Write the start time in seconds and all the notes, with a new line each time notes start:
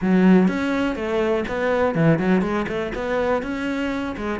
0.01 F#3
0.48 C#4
0.95 A3
1.47 B3
1.94 E3
2.18 F#3
2.41 G#3
2.68 A3
2.94 B3
3.42 C#4
4.16 G#3